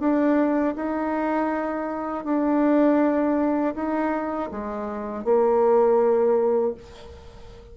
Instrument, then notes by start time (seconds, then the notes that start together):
bassoon
0.00 D4
0.76 D#4
2.25 D4
3.75 D#4
4.51 G#3
5.25 A#3